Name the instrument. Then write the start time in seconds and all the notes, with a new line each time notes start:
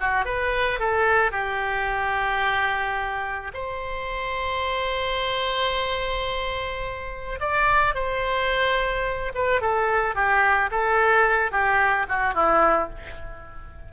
oboe
0.00 F#4
0.25 B4
0.79 A4
1.32 G4
3.54 C5
7.40 D5
7.95 C5
9.35 B4
9.61 A4
10.15 G4
10.71 A4
11.51 G4
12.09 F#4
12.34 E4